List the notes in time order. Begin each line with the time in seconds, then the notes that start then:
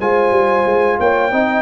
0.00 G#3 F4 C5 G#5
0.31 G3
0.66 G#3
0.99 A#3 C#5 G5
1.32 C4 D#4 D#5